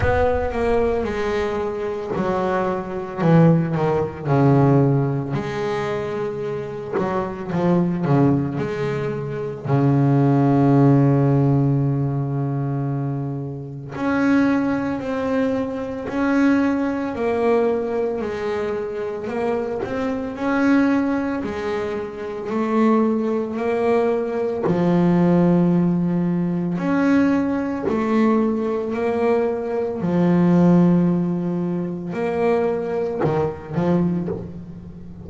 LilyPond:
\new Staff \with { instrumentName = "double bass" } { \time 4/4 \tempo 4 = 56 b8 ais8 gis4 fis4 e8 dis8 | cis4 gis4. fis8 f8 cis8 | gis4 cis2.~ | cis4 cis'4 c'4 cis'4 |
ais4 gis4 ais8 c'8 cis'4 | gis4 a4 ais4 f4~ | f4 cis'4 a4 ais4 | f2 ais4 dis8 f8 | }